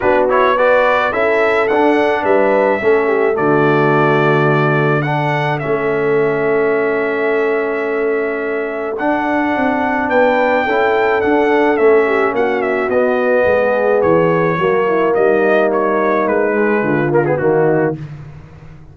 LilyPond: <<
  \new Staff \with { instrumentName = "trumpet" } { \time 4/4 \tempo 4 = 107 b'8 cis''8 d''4 e''4 fis''4 | e''2 d''2~ | d''4 fis''4 e''2~ | e''1 |
fis''2 g''2 | fis''4 e''4 fis''8 e''8 dis''4~ | dis''4 cis''2 dis''4 | cis''4 b'4. ais'16 gis'16 fis'4 | }
  \new Staff \with { instrumentName = "horn" } { \time 4/4 fis'4 b'4 a'2 | b'4 a'8 g'8 fis'2~ | fis'4 a'2.~ | a'1~ |
a'2 b'4 a'4~ | a'4. g'8 fis'2 | gis'2 fis'8 e'8 dis'4~ | dis'2 f'4 dis'4 | }
  \new Staff \with { instrumentName = "trombone" } { \time 4/4 d'8 e'8 fis'4 e'4 d'4~ | d'4 cis'4 a2~ | a4 d'4 cis'2~ | cis'1 |
d'2. e'4 | d'4 cis'2 b4~ | b2 ais2~ | ais4. gis4 ais16 b16 ais4 | }
  \new Staff \with { instrumentName = "tuba" } { \time 4/4 b2 cis'4 d'4 | g4 a4 d2~ | d2 a2~ | a1 |
d'4 c'4 b4 cis'4 | d'4 a4 ais4 b4 | gis4 e4 fis4 g4~ | g4 gis4 d4 dis4 | }
>>